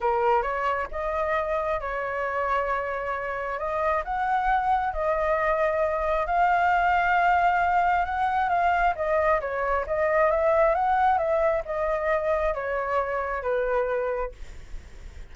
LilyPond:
\new Staff \with { instrumentName = "flute" } { \time 4/4 \tempo 4 = 134 ais'4 cis''4 dis''2 | cis''1 | dis''4 fis''2 dis''4~ | dis''2 f''2~ |
f''2 fis''4 f''4 | dis''4 cis''4 dis''4 e''4 | fis''4 e''4 dis''2 | cis''2 b'2 | }